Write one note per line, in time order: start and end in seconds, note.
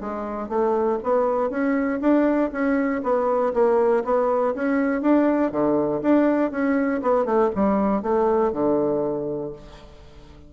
0.00 0.49 G#3
0.49 0.99 A3
1.03 1.50 B3
1.50 2.00 C#4
2.01 2.51 D4
2.52 3.02 C#4
3.03 3.53 B3
3.54 4.04 A#3
4.04 4.54 B3
4.55 5.01 C#4
5.01 5.51 D4
5.51 6.01 D3
6.02 6.51 D4
6.51 7.01 C#4
7.02 7.25 B3
7.25 7.50 A3
7.55 8.02 G3
8.02 8.52 A3
8.52 9.52 D3